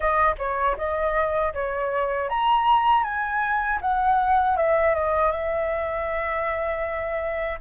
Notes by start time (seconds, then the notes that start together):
0.00 D#5
0.38 C#5
0.77 D#5
1.53 C#5
2.29 A#5
3.03 G#5
3.81 F#5
4.56 E5
4.94 D#5
5.31 E5